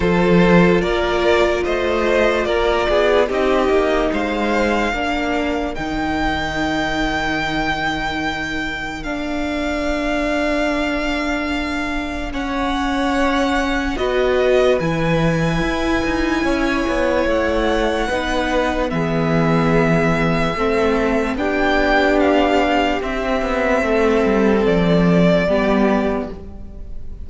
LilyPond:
<<
  \new Staff \with { instrumentName = "violin" } { \time 4/4 \tempo 4 = 73 c''4 d''4 dis''4 d''4 | dis''4 f''2 g''4~ | g''2. f''4~ | f''2. fis''4~ |
fis''4 dis''4 gis''2~ | gis''4 fis''2 e''4~ | e''2 g''4 f''4 | e''2 d''2 | }
  \new Staff \with { instrumentName = "violin" } { \time 4/4 a'4 ais'4 c''4 ais'8 gis'8 | g'4 c''4 ais'2~ | ais'1~ | ais'2. cis''4~ |
cis''4 b'2. | cis''2 b'4 gis'4~ | gis'4 a'4 g'2~ | g'4 a'2 g'4 | }
  \new Staff \with { instrumentName = "viola" } { \time 4/4 f'1 | dis'2 d'4 dis'4~ | dis'2. d'4~ | d'2. cis'4~ |
cis'4 fis'4 e'2~ | e'2 dis'4 b4~ | b4 c'4 d'2 | c'2. b4 | }
  \new Staff \with { instrumentName = "cello" } { \time 4/4 f4 ais4 a4 ais8 b8 | c'8 ais8 gis4 ais4 dis4~ | dis2. ais4~ | ais1~ |
ais4 b4 e4 e'8 dis'8 | cis'8 b8 a4 b4 e4~ | e4 a4 b2 | c'8 b8 a8 g8 f4 g4 | }
>>